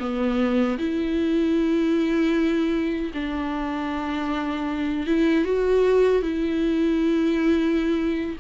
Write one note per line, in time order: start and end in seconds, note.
0.00 0.78 B3
0.78 3.12 E4
3.14 5.06 D4
5.06 5.45 E4
5.45 6.22 F#4
6.22 8.37 E4